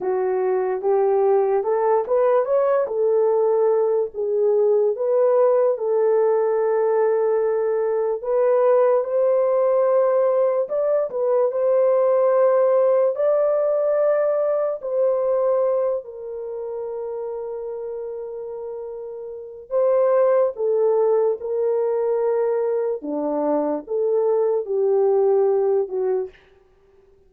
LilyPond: \new Staff \with { instrumentName = "horn" } { \time 4/4 \tempo 4 = 73 fis'4 g'4 a'8 b'8 cis''8 a'8~ | a'4 gis'4 b'4 a'4~ | a'2 b'4 c''4~ | c''4 d''8 b'8 c''2 |
d''2 c''4. ais'8~ | ais'1 | c''4 a'4 ais'2 | d'4 a'4 g'4. fis'8 | }